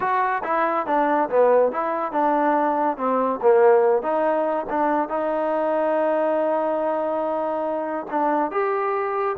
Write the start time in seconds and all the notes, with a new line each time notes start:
0.00 F#4
0.43 E4
0.86 D4
1.29 B3
1.72 E4
2.12 D4
2.97 C4
3.42 A#3
4.02 D#4
4.69 D4
5.08 D#4
8.10 D4
8.51 G4